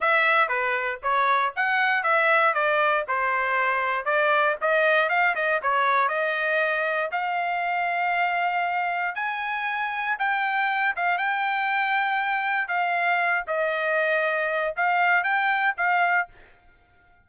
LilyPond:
\new Staff \with { instrumentName = "trumpet" } { \time 4/4 \tempo 4 = 118 e''4 b'4 cis''4 fis''4 | e''4 d''4 c''2 | d''4 dis''4 f''8 dis''8 cis''4 | dis''2 f''2~ |
f''2 gis''2 | g''4. f''8 g''2~ | g''4 f''4. dis''4.~ | dis''4 f''4 g''4 f''4 | }